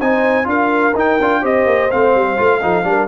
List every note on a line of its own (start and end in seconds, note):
0.00 0.46 C4
0.00 0.44 D#4
0.00 0.48 C5
0.00 0.48 G#5
0.44 0.94 D4
0.44 0.91 F4
0.44 1.41 A#4
0.44 0.96 F5
0.94 1.18 D#4
0.94 1.20 D#4
0.94 1.45 G5
1.20 1.43 D4
1.20 1.42 F4
1.41 1.66 C4
1.41 1.89 G4
1.41 2.61 C5
1.41 1.90 D#5
1.66 1.89 A#3
1.90 2.15 A3
1.90 2.37 C4
1.90 3.08 F5
2.15 2.38 G3
2.37 2.63 A3
2.37 2.61 F4
2.62 2.84 F3
2.62 2.84 D#4
2.62 2.87 A4
2.84 3.08 G3
2.84 3.08 D4
2.84 3.08 A#4